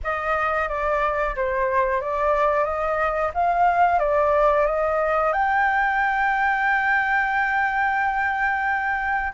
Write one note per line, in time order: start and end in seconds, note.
0.03 0.68 D#5
0.68 1.35 D5
1.35 2.01 C5
2.01 2.64 D5
2.64 3.31 D#5
3.33 3.99 F5
3.99 4.65 D5
4.66 5.32 D#5
5.32 9.32 G5